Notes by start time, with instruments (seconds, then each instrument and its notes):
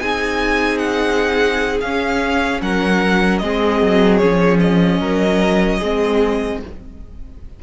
0.00 cello C4, viola D#4, violin G#4 G#5
0.79 violin F#5
1.81 cello C#4, viola C#4, violin F5
2.62 cello F#3, violin A#4 F#5
3.39 cello G#3, viola C4, violin G#4 D#5
3.82 cello F#3
4.18 cello F3, viola C#4, violin C#5
4.60 violin D#5
5.00 cello F#3, violin A#4
5.79 cello G#3, viola C4, violin G#4